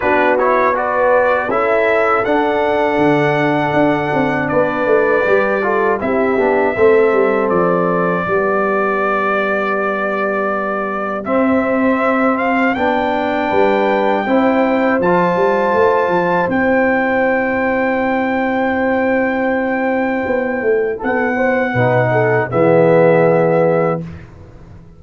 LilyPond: <<
  \new Staff \with { instrumentName = "trumpet" } { \time 4/4 \tempo 4 = 80 b'8 cis''8 d''4 e''4 fis''4~ | fis''2 d''2 | e''2 d''2~ | d''2. e''4~ |
e''8 f''8 g''2. | a''2 g''2~ | g''1 | fis''2 e''2 | }
  \new Staff \with { instrumentName = "horn" } { \time 4/4 fis'4 b'4 a'2~ | a'2 b'4. a'8 | g'4 a'2 g'4~ | g'1~ |
g'2 b'4 c''4~ | c''1~ | c''1 | a'8 c''8 b'8 a'8 gis'2 | }
  \new Staff \with { instrumentName = "trombone" } { \time 4/4 d'8 e'8 fis'4 e'4 d'4~ | d'2. g'8 f'8 | e'8 d'8 c'2 b4~ | b2. c'4~ |
c'4 d'2 e'4 | f'2 e'2~ | e'1~ | e'4 dis'4 b2 | }
  \new Staff \with { instrumentName = "tuba" } { \time 4/4 b2 cis'4 d'4 | d4 d'8 c'8 b8 a8 g4 | c'8 b8 a8 g8 f4 g4~ | g2. c'4~ |
c'4 b4 g4 c'4 | f8 g8 a8 f8 c'2~ | c'2. b8 a8 | b4 b,4 e2 | }
>>